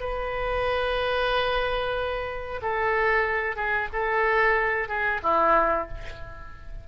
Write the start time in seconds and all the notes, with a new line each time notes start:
0.00 B4
2.62 A4
3.56 G#4
3.93 A4
4.89 G#4
5.23 E4